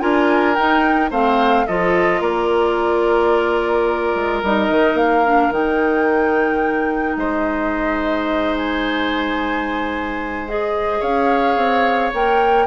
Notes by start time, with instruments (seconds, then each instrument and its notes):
0.00 bassoon D4, clarinet F4, oboe A#4, flute G#5
0.55 clarinet D#4, bassoon D#4, flute G5
1.11 bassoon A3, clarinet C4, oboe C5, flute F5
1.67 bassoon F3, clarinet F4, oboe A4, flute D#5
2.21 bassoon A#3, oboe A#4, flute D5
4.15 bassoon G#3
4.43 bassoon G3, clarinet D#4, flute D#5
4.69 bassoon D#3
4.94 bassoon A#3, flute F5
5.25 clarinet D4
5.51 bassoon D#3, clarinet D#4, flute G5
7.16 bassoon G#3, oboe C5, flute D#5
8.58 flute G#5
10.48 clarinet G#4, flute D#5
11.00 bassoon C#4, oboe C#5, flute F5
11.57 bassoon C4
12.13 bassoon A#3, clarinet A#4, flute G5